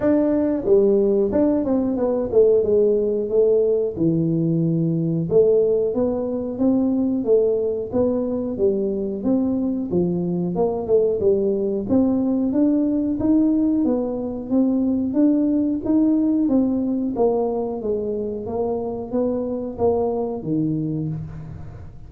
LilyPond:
\new Staff \with { instrumentName = "tuba" } { \time 4/4 \tempo 4 = 91 d'4 g4 d'8 c'8 b8 a8 | gis4 a4 e2 | a4 b4 c'4 a4 | b4 g4 c'4 f4 |
ais8 a8 g4 c'4 d'4 | dis'4 b4 c'4 d'4 | dis'4 c'4 ais4 gis4 | ais4 b4 ais4 dis4 | }